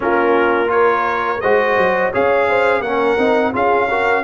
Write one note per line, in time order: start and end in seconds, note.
0.00 1.41 A#3
0.00 0.66 C#4
0.00 0.72 F4
0.00 0.70 A#4
0.66 1.37 F4
0.66 1.42 A#4
0.66 1.40 C#5
1.40 1.77 G#3
1.40 2.13 F#4
1.40 2.12 C5
1.40 2.11 D#5
1.77 2.12 F#3
2.12 2.80 C#4
2.12 2.84 G#4
2.12 2.47 C#5
2.12 2.81 F5
2.48 2.80 C5
2.80 3.15 A#3
2.80 3.18 C#4
2.80 3.51 A#4
2.80 3.52 F#5
3.17 3.52 C4
3.17 3.53 D#4
3.52 4.24 C#4
3.52 3.88 F4
3.52 3.88 G#4
3.52 4.24 F5
3.88 4.24 F#4
3.88 4.23 A#4